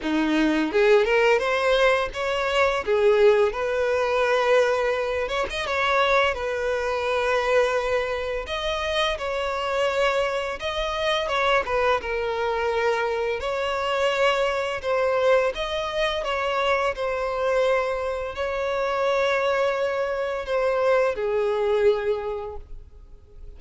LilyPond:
\new Staff \with { instrumentName = "violin" } { \time 4/4 \tempo 4 = 85 dis'4 gis'8 ais'8 c''4 cis''4 | gis'4 b'2~ b'8 cis''16 dis''16 | cis''4 b'2. | dis''4 cis''2 dis''4 |
cis''8 b'8 ais'2 cis''4~ | cis''4 c''4 dis''4 cis''4 | c''2 cis''2~ | cis''4 c''4 gis'2 | }